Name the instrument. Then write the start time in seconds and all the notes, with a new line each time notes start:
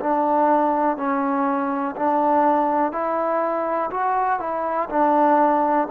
trombone
0.00 D4
0.97 C#4
1.96 D4
2.92 E4
3.91 F#4
4.40 E4
4.90 D4